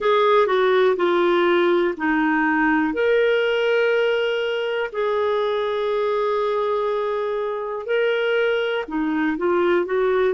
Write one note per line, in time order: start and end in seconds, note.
0.00 0.46 G#4
0.46 0.96 F#4
0.96 1.94 F4
1.97 2.93 D#4
2.93 4.90 A#4
4.92 7.86 G#4
7.86 8.84 A#4
8.88 9.37 D#4
9.37 9.85 F4
9.85 10.34 F#4